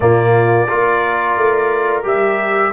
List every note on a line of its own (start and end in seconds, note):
0.00 0.67 A#2
0.00 0.67 A#3
0.00 0.67 F4
0.00 2.03 D5
0.67 1.37 A#3
0.67 2.03 F4
0.67 2.72 A#4
1.37 2.05 A3
2.03 2.73 G3
2.03 2.71 G4
2.03 2.73 E5